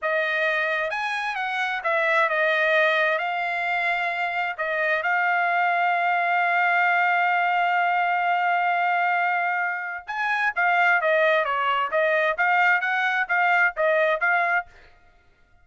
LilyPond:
\new Staff \with { instrumentName = "trumpet" } { \time 4/4 \tempo 4 = 131 dis''2 gis''4 fis''4 | e''4 dis''2 f''4~ | f''2 dis''4 f''4~ | f''1~ |
f''1~ | f''2 gis''4 f''4 | dis''4 cis''4 dis''4 f''4 | fis''4 f''4 dis''4 f''4 | }